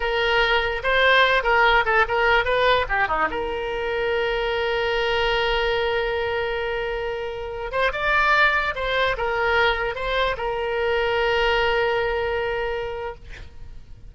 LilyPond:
\new Staff \with { instrumentName = "oboe" } { \time 4/4 \tempo 4 = 146 ais'2 c''4. ais'8~ | ais'8 a'8 ais'4 b'4 g'8 dis'8 | ais'1~ | ais'1~ |
ais'2~ ais'8. c''8 d''8.~ | d''4~ d''16 c''4 ais'4.~ ais'16~ | ais'16 c''4 ais'2~ ais'8.~ | ais'1 | }